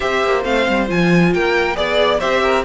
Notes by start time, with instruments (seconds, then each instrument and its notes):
0.00 cello C4, viola G4, violin C5 E5
0.24 cello A#3
0.42 cello A3, viola C4, violin F5
0.68 cello G3
0.86 cello F3, viola F4, violin G#5
1.33 cello A#3, violin A#4 G5
1.75 cello B3, viola G#4, violin D5
2.19 cello C4, viola G4, violin C5 E5
2.42 violin A#4